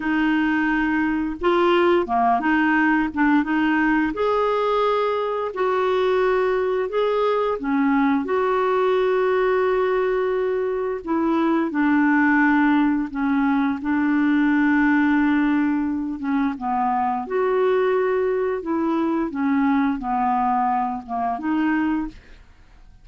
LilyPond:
\new Staff \with { instrumentName = "clarinet" } { \time 4/4 \tempo 4 = 87 dis'2 f'4 ais8 dis'8~ | dis'8 d'8 dis'4 gis'2 | fis'2 gis'4 cis'4 | fis'1 |
e'4 d'2 cis'4 | d'2.~ d'8 cis'8 | b4 fis'2 e'4 | cis'4 b4. ais8 dis'4 | }